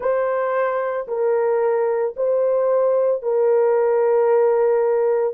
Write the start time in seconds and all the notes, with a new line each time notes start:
0.00 C5
1.07 A#4
2.16 C5
3.22 A#4